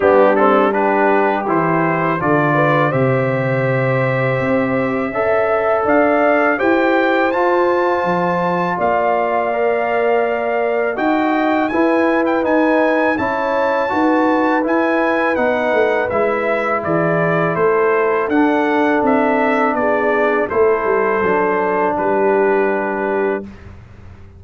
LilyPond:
<<
  \new Staff \with { instrumentName = "trumpet" } { \time 4/4 \tempo 4 = 82 g'8 a'8 b'4 c''4 d''4 | e''1 | f''4 g''4 a''2 | f''2. g''4 |
gis''8. g''16 gis''4 a''2 | gis''4 fis''4 e''4 d''4 | c''4 fis''4 e''4 d''4 | c''2 b'2 | }
  \new Staff \with { instrumentName = "horn" } { \time 4/4 d'4 g'2 a'8 b'8 | c''2. e''4 | d''4 c''2. | d''2. dis''4 |
b'2 cis''4 b'4~ | b'2. gis'4 | a'2. gis'4 | a'2 g'2 | }
  \new Staff \with { instrumentName = "trombone" } { \time 4/4 b8 c'8 d'4 e'4 f'4 | g'2. a'4~ | a'4 g'4 f'2~ | f'4 ais'2 fis'4 |
e'4 dis'4 e'4 fis'4 | e'4 dis'4 e'2~ | e'4 d'2. | e'4 d'2. | }
  \new Staff \with { instrumentName = "tuba" } { \time 4/4 g2 e4 d4 | c2 c'4 cis'4 | d'4 e'4 f'4 f4 | ais2. dis'4 |
e'4 dis'4 cis'4 dis'4 | e'4 b8 a8 gis4 e4 | a4 d'4 c'4 b4 | a8 g8 fis4 g2 | }
>>